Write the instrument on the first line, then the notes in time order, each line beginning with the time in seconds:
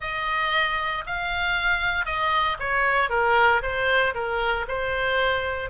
oboe
0.00 D#5
1.06 F5
2.05 D#5
2.59 C#5
3.09 A#4
3.62 C5
4.14 A#4
4.68 C5